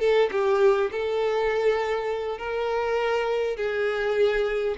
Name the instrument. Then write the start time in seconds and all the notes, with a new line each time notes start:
violin
0.00 A4
0.32 G4
0.92 A4
2.38 A#4
3.57 G#4